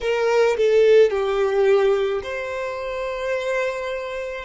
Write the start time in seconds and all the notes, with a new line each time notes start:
0.01 A#4
0.57 A4
1.10 G4
2.22 C5